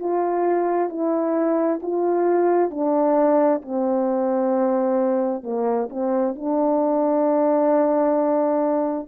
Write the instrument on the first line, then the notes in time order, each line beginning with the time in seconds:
horn
0.00 F4
0.89 E4
1.83 F4
2.71 D4
3.62 C4
5.43 A#3
5.90 C4
6.36 D4